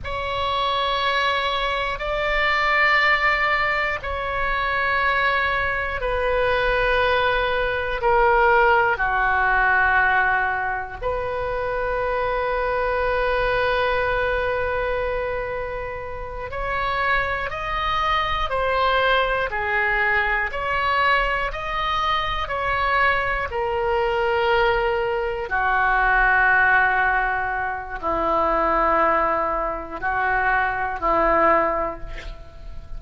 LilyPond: \new Staff \with { instrumentName = "oboe" } { \time 4/4 \tempo 4 = 60 cis''2 d''2 | cis''2 b'2 | ais'4 fis'2 b'4~ | b'1~ |
b'8 cis''4 dis''4 c''4 gis'8~ | gis'8 cis''4 dis''4 cis''4 ais'8~ | ais'4. fis'2~ fis'8 | e'2 fis'4 e'4 | }